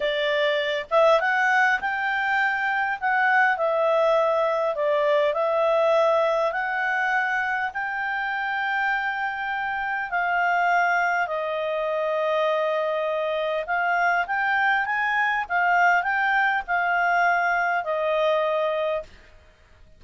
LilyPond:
\new Staff \with { instrumentName = "clarinet" } { \time 4/4 \tempo 4 = 101 d''4. e''8 fis''4 g''4~ | g''4 fis''4 e''2 | d''4 e''2 fis''4~ | fis''4 g''2.~ |
g''4 f''2 dis''4~ | dis''2. f''4 | g''4 gis''4 f''4 g''4 | f''2 dis''2 | }